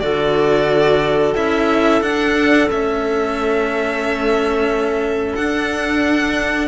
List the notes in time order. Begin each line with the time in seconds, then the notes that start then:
0.00 D3 F#4 A4 D5
1.35 C#4 E4 E5
2.02 D4 F#5
2.67 A3 C#4 E5
5.36 D4 F#5